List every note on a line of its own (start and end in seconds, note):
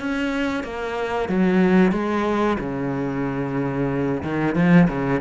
0.00 0.64 C#4
0.64 1.29 A#3
1.29 1.92 F#3
1.92 2.58 G#3
2.59 4.22 C#3
4.23 4.55 D#3
4.55 4.88 F3
4.88 5.21 C#3